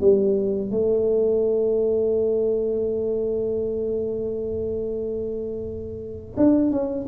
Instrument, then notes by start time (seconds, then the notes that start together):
tuba
0.00 G3
0.70 A3
6.37 D4
6.71 C#4